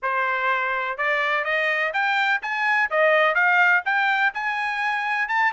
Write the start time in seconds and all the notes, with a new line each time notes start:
0.02 C5
0.97 D5
1.44 D#5
1.93 G5
2.41 G#5
2.90 D#5
3.35 F5
3.85 G5
4.34 G#5
5.28 A5